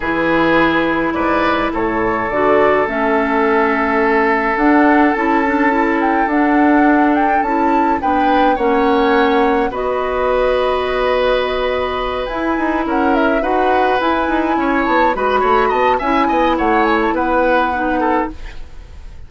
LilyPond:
<<
  \new Staff \with { instrumentName = "flute" } { \time 4/4 \tempo 4 = 105 b'2 d''4 cis''4 | d''4 e''2. | fis''4 a''4. g''8 fis''4~ | fis''8 g''8 a''4 g''4 fis''4~ |
fis''4 dis''2.~ | dis''4. gis''4 fis''8 e''8 fis''8~ | fis''8 gis''4. a''8 b''4 a''8 | gis''4 fis''8 gis''16 a''16 fis''2 | }
  \new Staff \with { instrumentName = "oboe" } { \time 4/4 gis'2 b'4 a'4~ | a'1~ | a'1~ | a'2 b'4 cis''4~ |
cis''4 b'2.~ | b'2~ b'8 ais'4 b'8~ | b'4. cis''4 b'8 cis''8 dis''8 | e''8 dis''8 cis''4 b'4. a'8 | }
  \new Staff \with { instrumentName = "clarinet" } { \time 4/4 e'1 | fis'4 cis'2. | d'4 e'8 d'8 e'4 d'4~ | d'4 e'4 d'4 cis'4~ |
cis'4 fis'2.~ | fis'4. e'2 fis'8~ | fis'8 e'2 fis'4. | e'2. dis'4 | }
  \new Staff \with { instrumentName = "bassoon" } { \time 4/4 e2 gis,4 a,4 | d4 a2. | d'4 cis'2 d'4~ | d'4 cis'4 b4 ais4~ |
ais4 b2.~ | b4. e'8 dis'8 cis'4 dis'8~ | dis'8 e'8 dis'8 cis'8 b8 gis8 a8 b8 | cis'8 b8 a4 b2 | }
>>